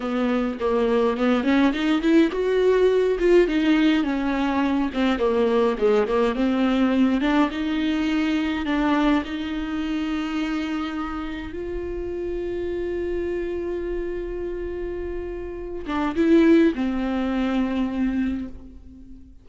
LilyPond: \new Staff \with { instrumentName = "viola" } { \time 4/4 \tempo 4 = 104 b4 ais4 b8 cis'8 dis'8 e'8 | fis'4. f'8 dis'4 cis'4~ | cis'8 c'8 ais4 gis8 ais8 c'4~ | c'8 d'8 dis'2 d'4 |
dis'1 | f'1~ | f'2.~ f'8 d'8 | e'4 c'2. | }